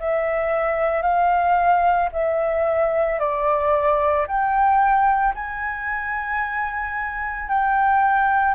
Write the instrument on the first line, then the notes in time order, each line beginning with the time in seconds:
flute
0.00 E5
1.03 F5
2.13 E5
3.20 D5
4.28 G5
5.35 G#5
7.50 G5